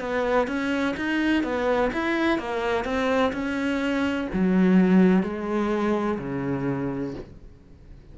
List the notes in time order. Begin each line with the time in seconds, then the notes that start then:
0.00 B3
0.48 C#4
0.97 D#4
1.44 B3
1.94 E4
2.39 A#3
2.85 C4
3.33 C#4
4.33 F#3
5.23 G#3
6.19 C#3